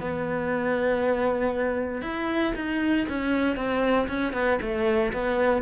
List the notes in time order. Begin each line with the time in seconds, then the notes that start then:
0.00 B3
2.02 E4
2.55 D#4
3.08 C#4
3.56 C4
4.08 C#4
4.33 B3
4.61 A3
5.13 B3